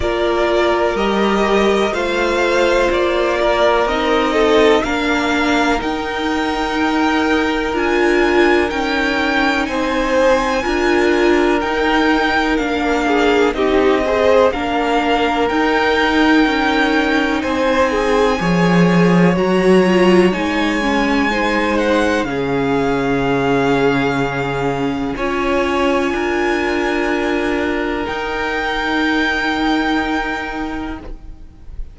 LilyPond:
<<
  \new Staff \with { instrumentName = "violin" } { \time 4/4 \tempo 4 = 62 d''4 dis''4 f''4 d''4 | dis''4 f''4 g''2 | gis''4 g''4 gis''2 | g''4 f''4 dis''4 f''4 |
g''2 gis''2 | ais''4 gis''4. fis''8 f''4~ | f''2 gis''2~ | gis''4 g''2. | }
  \new Staff \with { instrumentName = "violin" } { \time 4/4 ais'2 c''4. ais'8~ | ais'8 a'8 ais'2.~ | ais'2 c''4 ais'4~ | ais'4. gis'8 g'8 c''8 ais'4~ |
ais'2 c''8 gis'8 cis''4~ | cis''2 c''4 gis'4~ | gis'2 cis''4 ais'4~ | ais'1 | }
  \new Staff \with { instrumentName = "viola" } { \time 4/4 f'4 g'4 f'2 | dis'4 d'4 dis'2 | f'4 dis'2 f'4 | dis'4 d'4 dis'8 gis'8 d'4 |
dis'2. gis'4 | fis'8 f'8 dis'8 cis'8 dis'4 cis'4~ | cis'2 f'2~ | f'4 dis'2. | }
  \new Staff \with { instrumentName = "cello" } { \time 4/4 ais4 g4 a4 ais4 | c'4 ais4 dis'2 | d'4 cis'4 c'4 d'4 | dis'4 ais4 c'4 ais4 |
dis'4 cis'4 c'4 f4 | fis4 gis2 cis4~ | cis2 cis'4 d'4~ | d'4 dis'2. | }
>>